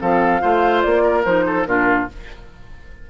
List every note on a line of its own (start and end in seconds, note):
0.00 0.43 F3
0.00 0.41 C4
0.00 0.42 A4
0.00 0.82 F5
0.41 0.85 A3
0.41 1.24 F4
0.41 1.03 C5
0.82 1.25 A#3
0.82 1.23 D5
1.03 1.45 A#4
1.25 1.66 F3
1.25 1.67 D#4
1.25 1.66 C5
1.46 1.67 A4
1.66 2.08 A#2
1.66 2.08 D4
1.66 2.10 F4
1.66 2.07 A#4